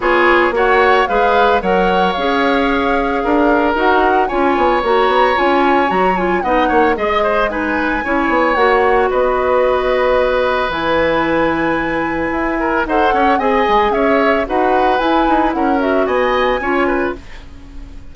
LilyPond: <<
  \new Staff \with { instrumentName = "flute" } { \time 4/4 \tempo 4 = 112 cis''4 fis''4 f''4 fis''4 | f''2. fis''4 | gis''4 ais''4 gis''4 ais''8 gis''8 | fis''4 dis''4 gis''2 |
fis''4 dis''2. | gis''1 | fis''4 gis''4 e''4 fis''4 | gis''4 fis''8 e''8 gis''2 | }
  \new Staff \with { instrumentName = "oboe" } { \time 4/4 gis'4 cis''4 b'4 cis''4~ | cis''2 ais'2 | cis''1 | dis''8 cis''8 dis''8 c''8 b'4 cis''4~ |
cis''4 b'2.~ | b'2.~ b'8 ais'8 | c''8 cis''8 dis''4 cis''4 b'4~ | b'4 ais'4 dis''4 cis''8 b'8 | }
  \new Staff \with { instrumentName = "clarinet" } { \time 4/4 f'4 fis'4 gis'4 ais'4 | gis'2. fis'4 | f'4 fis'4 f'4 fis'8 f'8 | dis'4 gis'4 dis'4 e'4 |
fis'1 | e'1 | a'4 gis'2 fis'4 | e'4. fis'4. f'4 | }
  \new Staff \with { instrumentName = "bassoon" } { \time 4/4 b4 ais4 gis4 fis4 | cis'2 d'4 dis'4 | cis'8 b8 ais8 b8 cis'4 fis4 | b8 ais8 gis2 cis'8 b8 |
ais4 b2. | e2. e'4 | dis'8 cis'8 c'8 gis8 cis'4 dis'4 | e'8 dis'8 cis'4 b4 cis'4 | }
>>